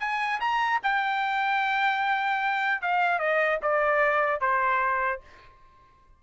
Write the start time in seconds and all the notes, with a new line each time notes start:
0.00 G#5
0.40 A#5
0.83 G5
2.82 F5
3.19 D#5
3.62 D5
4.41 C5